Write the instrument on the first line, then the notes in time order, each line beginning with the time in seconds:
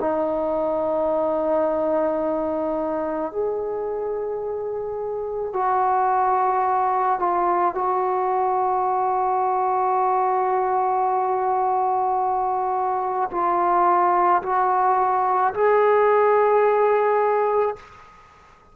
trombone
0.00 D#4
3.32 G#4
5.53 F#4
7.19 F4
7.74 F#4
13.31 F4
14.42 F#4
15.54 G#4